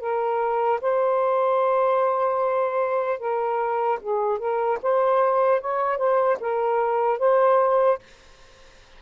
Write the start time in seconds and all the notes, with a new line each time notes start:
0.00 A#4
0.81 C5
3.19 A#4
4.01 G#4
4.38 A#4
4.82 C5
5.61 C#5
5.98 C5
6.40 A#4
7.19 C5